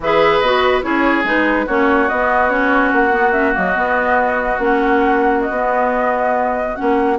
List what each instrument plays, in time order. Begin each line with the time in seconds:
0.00 bassoon E3, clarinet G#4, oboe B4, flute E5
0.39 bassoon B3, clarinet F#4, flute D#5
0.82 bassoon C#4, clarinet E4, oboe G#4, flute C#5
1.24 bassoon G#3, clarinet D#4, flute B4
1.66 bassoon A#3, clarinet C#4, oboe F#4, flute C#5
2.08 bassoon B3, clarinet B3, flute D#5
2.49 clarinet C#4, flute C#5
2.92 bassoon A#3, flute F#5
3.11 clarinet B3
3.32 clarinet C#4, flute E5
3.53 bassoon F#3, clarinet A#3, flute D#5
3.74 clarinet B3, bassoon B3
4.58 bassoon A#3, clarinet C#4, flute F#5
5.40 flute D#5
5.49 bassoon B3, clarinet B3
6.75 bassoon A#3, clarinet C#4, flute F#5